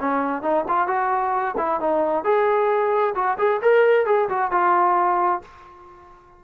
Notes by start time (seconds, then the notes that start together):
0.00 C#4
0.42 D#4
0.68 F4
0.88 F#4
1.58 E4
1.80 D#4
2.25 G#4
3.15 F#4
3.38 G#4
3.62 A#4
4.06 G#4
4.29 F#4
4.52 F4